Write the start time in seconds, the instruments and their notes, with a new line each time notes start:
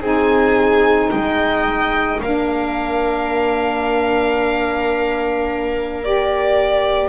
0.00 double bass C4, saxophone D#4, viola G#4, violin G#5
1.10 double bass G#3, viola D#5, violin G5
2.20 double bass A#3, saxophone D4, viola A#4, violin F5
6.02 saxophone G4, violin D5